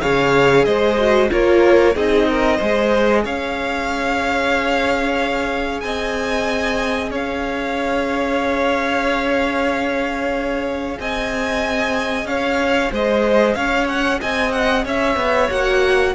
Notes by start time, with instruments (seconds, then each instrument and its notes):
0.00 cello C#3, viola G#4, violin C#5 F5
0.64 cello G#3, violin C5 D#5
0.98 viola F#4
1.29 cello A#3, viola F4, violin A#4 C#5
1.95 cello C4, viola D#4, violin G#4 D#5
2.28 violin A#4
2.57 cello G#3, viola G#4, violin C5
3.24 cello C#4, violin C#5 F5
5.80 cello C4, violin D#5 G#5
7.11 cello C#4, violin C#5 F5
10.99 cello C4, violin D#5 G#5
12.25 cello C#4, violin C#5 F5
12.91 cello G#3, violin C5 D#5
13.54 cello C#4, violin C#5 F5
13.88 violin F#5
14.20 cello C4, violin D#5 G#5
14.52 violin F#5
14.85 cello C#4, violin C#5 E5
15.16 cello B3
15.50 cello A#3, viola F#4, violin F#5